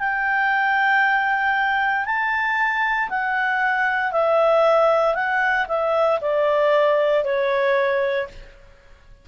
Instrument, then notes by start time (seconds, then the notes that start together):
clarinet
0.00 G5
2.06 A5
3.10 F#5
4.12 E5
5.15 F#5
5.68 E5
6.22 D5
7.25 C#5